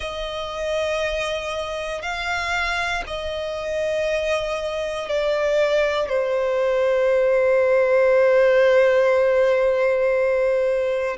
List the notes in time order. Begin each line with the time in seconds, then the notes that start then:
0.00 D#5
2.02 F5
3.06 D#5
5.08 D5
6.08 C5